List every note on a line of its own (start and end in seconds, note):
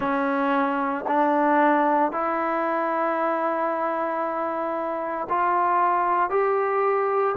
0.00 1.05 C#4
1.07 2.11 D4
2.11 5.27 E4
5.29 6.30 F4
6.30 7.35 G4